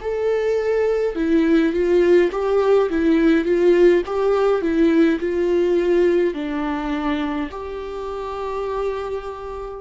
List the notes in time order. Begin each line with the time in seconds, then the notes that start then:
0.00 A4
1.15 E4
1.73 F4
2.31 G4
2.89 E4
3.45 F4
4.06 G4
4.62 E4
5.19 F4
6.34 D4
7.51 G4